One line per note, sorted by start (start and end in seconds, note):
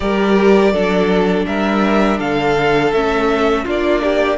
0.00 0.72 G3
0.00 0.73 G4
0.00 0.72 A#4
0.00 1.42 D5
0.72 1.45 F#3
0.72 2.93 D4
0.72 1.46 A4
1.46 2.19 G3
1.46 2.18 A#4
1.46 2.19 E5
2.18 2.92 D3
2.18 3.64 A4
2.18 2.92 F5
2.92 3.65 A3
2.92 3.66 C#4
2.92 3.65 E5
3.64 4.38 A#3
3.64 4.38 D4
3.64 4.01 F4
3.64 4.38 D5
4.02 4.38 G4